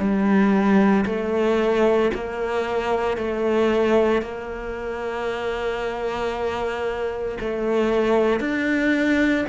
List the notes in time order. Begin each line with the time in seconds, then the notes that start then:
0.00 G3
1.06 A3
2.14 A#3
3.17 A3
4.22 A#3
7.40 A3
8.41 D4